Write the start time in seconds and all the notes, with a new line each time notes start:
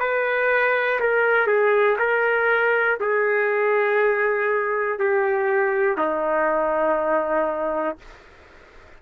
0.00 B4
1.00 A#4
1.47 G#4
1.99 A#4
3.00 G#4
4.99 G4
5.97 D#4